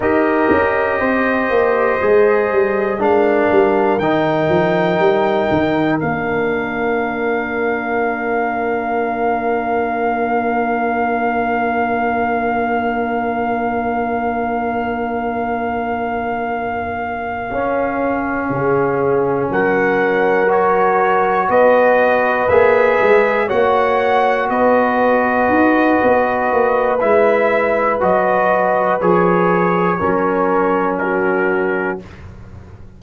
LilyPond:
<<
  \new Staff \with { instrumentName = "trumpet" } { \time 4/4 \tempo 4 = 60 dis''2. f''4 | g''2 f''2~ | f''1~ | f''1~ |
f''2.~ f''8 fis''8~ | fis''8 cis''4 dis''4 e''4 fis''8~ | fis''8 dis''2~ dis''8 e''4 | dis''4 cis''2 ais'4 | }
  \new Staff \with { instrumentName = "horn" } { \time 4/4 ais'4 c''2 ais'4~ | ais'1~ | ais'1~ | ais'1~ |
ais'2~ ais'8 gis'4 ais'8~ | ais'4. b'2 cis''8~ | cis''8 b'2.~ b'8~ | b'2 ais'4 fis'4 | }
  \new Staff \with { instrumentName = "trombone" } { \time 4/4 g'2 gis'4 d'4 | dis'2 d'2~ | d'1~ | d'1~ |
d'4. cis'2~ cis'8~ | cis'8 fis'2 gis'4 fis'8~ | fis'2. e'4 | fis'4 gis'4 cis'2 | }
  \new Staff \with { instrumentName = "tuba" } { \time 4/4 dis'8 cis'8 c'8 ais8 gis8 g8 gis8 g8 | dis8 f8 g8 dis8 ais2~ | ais1~ | ais1~ |
ais4. cis'4 cis4 fis8~ | fis4. b4 ais8 gis8 ais8~ | ais8 b4 dis'8 b8 ais8 gis4 | fis4 f4 fis2 | }
>>